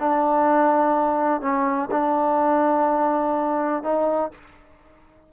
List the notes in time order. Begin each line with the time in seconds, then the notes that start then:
0.00 D4
1.42 C#4
1.92 D4
3.84 D#4